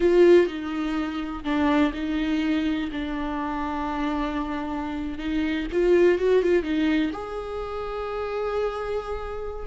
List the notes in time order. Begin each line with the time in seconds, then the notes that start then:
0.00 F4
0.46 D#4
1.43 D4
1.93 D#4
2.91 D4
5.18 D#4
5.72 F4
6.18 F#4
6.42 F4
6.62 D#4
7.12 G#4